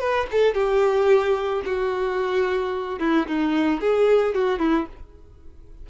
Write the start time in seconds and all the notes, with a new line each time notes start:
0.00 B4
0.32 A4
0.54 G4
1.66 F#4
3.00 E4
3.28 D#4
3.81 G#4
4.35 F#4
4.59 E4